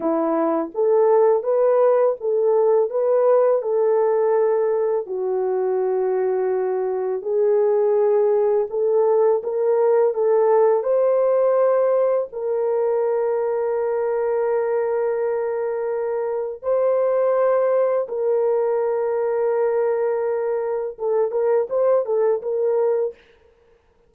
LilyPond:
\new Staff \with { instrumentName = "horn" } { \time 4/4 \tempo 4 = 83 e'4 a'4 b'4 a'4 | b'4 a'2 fis'4~ | fis'2 gis'2 | a'4 ais'4 a'4 c''4~ |
c''4 ais'2.~ | ais'2. c''4~ | c''4 ais'2.~ | ais'4 a'8 ais'8 c''8 a'8 ais'4 | }